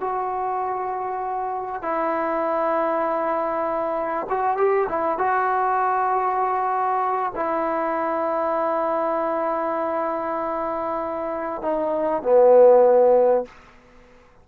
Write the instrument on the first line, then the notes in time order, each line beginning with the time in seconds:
trombone
0.00 F#4
1.82 E4
4.29 F#4
4.57 G4
4.89 E4
5.18 F#4
7.35 E4
11.62 D#4
12.22 B3